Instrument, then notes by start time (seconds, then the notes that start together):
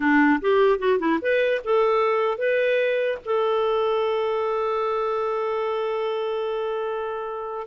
clarinet
0.00 D4
0.41 G4
0.78 F#4
0.99 E4
1.21 B4
1.64 A4
2.38 B4
3.25 A4